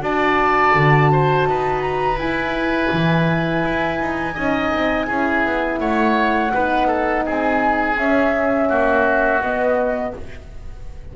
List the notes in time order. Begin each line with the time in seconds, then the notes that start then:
0.00 D4 F#4 D5 A5
0.75 D3
1.12 C5
1.46 D#4 B4
1.81 A#5
2.16 E4 G#5
2.92 E3
3.64 E4
4.00 D#4
4.34 C#4 D#4 D#5
4.74 C4
5.07 C#4 E4 G#4
5.45 B3
5.79 A3 C#5 F#5
6.54 B3 D#4 B4
6.87 A4
7.26 C4 G#4 G#5
7.97 C#4 E5
8.69 A#3 F#4
9.41 B3 D#5